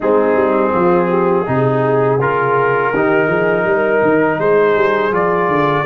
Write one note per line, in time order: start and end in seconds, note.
0.00 0.35 G#3
0.00 1.46 C4
0.00 0.72 D#4
0.00 2.20 G#4
0.35 0.71 G3
0.73 1.46 F3
0.73 1.09 F4
1.09 1.45 G4
1.46 2.19 C3
1.46 2.19 D#4
1.46 2.93 G#4
2.19 2.92 C#3
2.19 2.94 F4
2.19 4.39 A#4
2.93 3.27 D#3
2.93 5.11 D#4
2.93 3.26 G4
3.26 3.64 F3
3.26 3.63 G#4
3.64 4.00 G3
3.64 4.39 A#4
4.02 4.39 D#3
4.39 4.75 G#3
4.39 5.85 G#4
4.39 5.13 C5
4.75 5.11 G3
5.11 5.48 F3
5.11 5.84 F4
5.11 5.85 D5
5.48 5.84 D3